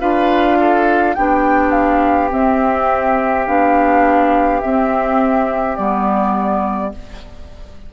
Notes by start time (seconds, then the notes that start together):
0.00 D4 F4 B4 F5
0.60 A4
1.14 B3 D4 G4 G5
1.71 F5
2.30 C4 E5
3.46 B3 D4 F5
4.61 C4 E5
5.76 G3 B3 D5